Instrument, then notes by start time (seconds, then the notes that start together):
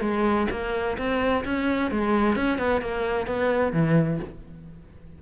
cello
0.00 G#3
0.50 A#3
0.97 C4
1.44 C#4
1.91 G#3
2.35 C#4
2.58 B3
2.81 A#3
3.26 B3
3.72 E3